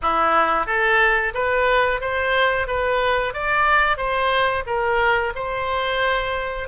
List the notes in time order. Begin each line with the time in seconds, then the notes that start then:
0.02 E4
0.66 A4
1.34 B4
2.01 C5
2.67 B4
3.33 D5
3.97 C5
4.66 A#4
5.35 C5